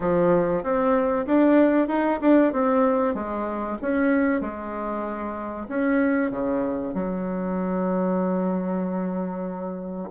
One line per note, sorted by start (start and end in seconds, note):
0.00 0.63 F3
0.63 1.26 C4
1.26 1.88 D4
1.88 2.19 D#4
2.21 2.52 D4
2.53 3.14 C4
3.14 3.77 G#3
3.81 4.40 C#4
4.40 5.67 G#3
5.68 6.30 C#4
6.30 6.94 C#3
6.94 10.09 F#3